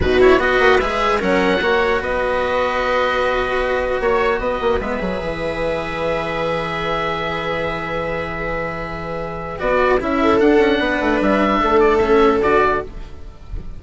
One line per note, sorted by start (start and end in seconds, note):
0.00 0.37 B2
0.00 0.19 D#4
0.00 0.39 F#4
0.00 0.21 B4
0.19 0.39 E4
0.19 0.40 C#5
0.37 0.57 B3
0.37 0.79 F#4
0.37 1.18 B4
0.37 0.79 D#5
0.59 0.79 A#3
0.79 1.21 G#3
0.79 1.20 G#4
0.79 1.19 E5
1.18 1.61 F#3
1.18 1.60 C#4
1.18 1.58 A#4
1.18 2.02 F#5
1.61 2.00 A#3
1.61 4.81 F#4
1.61 2.00 C#5
2.00 3.99 B3
2.00 4.00 B4
2.00 4.01 D#5
3.99 4.39 A#3
3.99 4.39 C#5
3.99 4.40 C#5
4.39 4.59 B3
4.39 10.20 B4
4.39 4.79 D#5
4.61 4.79 A#3
4.79 4.99 G#3
4.79 4.99 B3
4.79 9.59 E5
4.99 5.21 F#3
4.99 9.58 G#4
5.21 9.60 E3
9.58 10.00 B3
9.58 9.98 F#4
9.58 9.99 D5
10.00 10.40 C#4
10.00 10.39 E4
10.00 10.40 E5
10.22 10.78 A4
10.39 11.99 D4
10.39 10.58 D4
10.39 11.20 F#5
10.58 10.78 C#4
10.78 10.99 B3
10.78 11.58 B4
11.00 11.20 A3
11.21 11.61 G3
11.21 11.80 E5
11.59 12.41 A3
11.59 12.79 A4
11.80 11.97 D5
11.97 12.41 C#4
11.97 12.37 E5
12.41 12.81 D3
12.41 12.83 F#4
12.41 12.82 D5